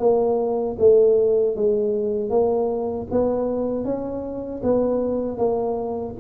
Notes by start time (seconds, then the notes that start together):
0.00 A#3
0.79 A3
1.56 G#3
2.30 A#3
3.12 B3
3.85 C#4
4.64 B3
5.38 A#3